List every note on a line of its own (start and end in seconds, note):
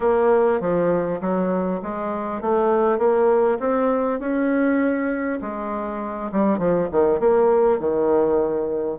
0.00 0.60 A#3
0.60 1.20 F3
1.20 1.80 F#3
1.82 2.41 G#3
2.41 2.98 A3
2.98 3.58 A#3
3.59 4.19 C4
4.19 5.39 C#4
5.41 6.31 G#3
6.32 6.58 G3
6.58 6.88 F3
6.91 7.19 D#3
7.19 7.79 A#3
7.79 8.98 D#3